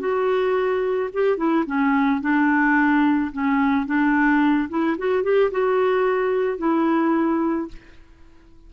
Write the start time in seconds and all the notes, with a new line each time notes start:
0.00 F#4
1.14 G4
1.37 E4
1.66 C#4
2.21 D4
3.32 C#4
3.86 D4
4.69 E4
4.98 F#4
5.23 G4
5.51 F#4
6.58 E4